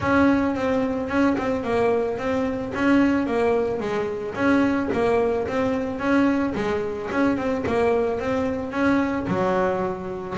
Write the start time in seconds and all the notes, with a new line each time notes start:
0.00 C#4
0.55 C4
1.08 C#4
1.37 C4
1.63 A#3
2.18 C4
2.74 C#4
3.26 A#3
3.80 G#3
4.34 C#4
4.92 A#3
5.47 C4
5.99 C#4
6.55 G#3
7.11 C#4
7.37 C4
7.66 A#3
8.19 C4
8.71 C#4
9.27 F#3